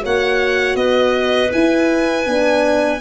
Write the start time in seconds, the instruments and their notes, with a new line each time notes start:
0.00 tuba A#3, horn F#4, clarinet C#5, violin F#5
0.75 tuba B3, clarinet B4, violin D#5
1.51 horn E4, tuba E4, violin G#5
2.26 tuba B3, horn D4